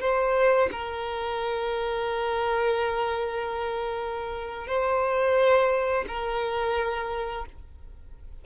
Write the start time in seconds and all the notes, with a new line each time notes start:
0.00 C5
0.71 A#4
4.66 C5
6.07 A#4